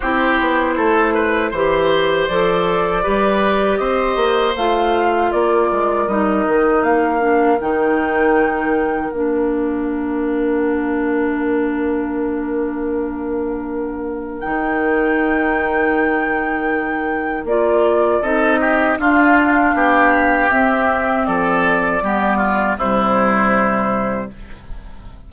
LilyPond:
<<
  \new Staff \with { instrumentName = "flute" } { \time 4/4 \tempo 4 = 79 c''2. d''4~ | d''4 dis''4 f''4 d''4 | dis''4 f''4 g''2 | f''1~ |
f''2. g''4~ | g''2. d''4 | dis''4 f''2 e''4 | d''2 c''2 | }
  \new Staff \with { instrumentName = "oboe" } { \time 4/4 g'4 a'8 b'8 c''2 | b'4 c''2 ais'4~ | ais'1~ | ais'1~ |
ais'1~ | ais'1 | a'8 g'8 f'4 g'2 | a'4 g'8 f'8 e'2 | }
  \new Staff \with { instrumentName = "clarinet" } { \time 4/4 e'2 g'4 a'4 | g'2 f'2 | dis'4. d'8 dis'2 | d'1~ |
d'2. dis'4~ | dis'2. f'4 | dis'4 d'2 c'4~ | c'4 b4 g2 | }
  \new Staff \with { instrumentName = "bassoon" } { \time 4/4 c'8 b8 a4 e4 f4 | g4 c'8 ais8 a4 ais8 gis8 | g8 dis8 ais4 dis2 | ais1~ |
ais2. dis4~ | dis2. ais4 | c'4 d'4 b4 c'4 | f4 g4 c2 | }
>>